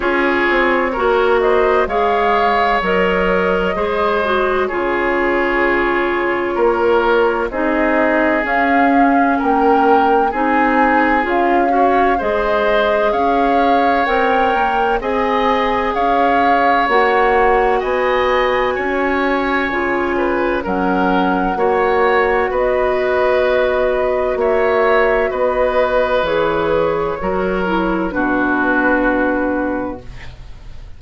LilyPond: <<
  \new Staff \with { instrumentName = "flute" } { \time 4/4 \tempo 4 = 64 cis''4. dis''8 f''4 dis''4~ | dis''4 cis''2. | dis''4 f''4 g''4 gis''4 | f''4 dis''4 f''4 g''4 |
gis''4 f''4 fis''4 gis''4~ | gis''2 fis''2 | dis''2 e''4 dis''4 | cis''2 b'2 | }
  \new Staff \with { instrumentName = "oboe" } { \time 4/4 gis'4 ais'8 c''8 cis''2 | c''4 gis'2 ais'4 | gis'2 ais'4 gis'4~ | gis'8 cis''8 c''4 cis''2 |
dis''4 cis''2 dis''4 | cis''4. b'8 ais'4 cis''4 | b'2 cis''4 b'4~ | b'4 ais'4 fis'2 | }
  \new Staff \with { instrumentName = "clarinet" } { \time 4/4 f'4 fis'4 gis'4 ais'4 | gis'8 fis'8 f'2. | dis'4 cis'2 dis'4 | f'8 fis'8 gis'2 ais'4 |
gis'2 fis'2~ | fis'4 f'4 cis'4 fis'4~ | fis'1 | gis'4 fis'8 e'8 d'2 | }
  \new Staff \with { instrumentName = "bassoon" } { \time 4/4 cis'8 c'8 ais4 gis4 fis4 | gis4 cis2 ais4 | c'4 cis'4 ais4 c'4 | cis'4 gis4 cis'4 c'8 ais8 |
c'4 cis'4 ais4 b4 | cis'4 cis4 fis4 ais4 | b2 ais4 b4 | e4 fis4 b,2 | }
>>